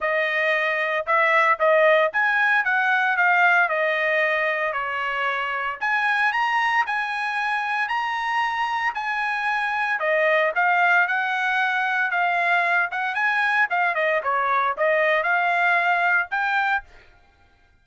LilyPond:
\new Staff \with { instrumentName = "trumpet" } { \time 4/4 \tempo 4 = 114 dis''2 e''4 dis''4 | gis''4 fis''4 f''4 dis''4~ | dis''4 cis''2 gis''4 | ais''4 gis''2 ais''4~ |
ais''4 gis''2 dis''4 | f''4 fis''2 f''4~ | f''8 fis''8 gis''4 f''8 dis''8 cis''4 | dis''4 f''2 g''4 | }